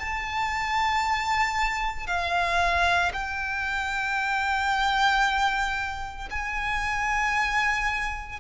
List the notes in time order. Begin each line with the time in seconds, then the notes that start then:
0.00 A5
2.07 F5
3.13 G5
6.31 G#5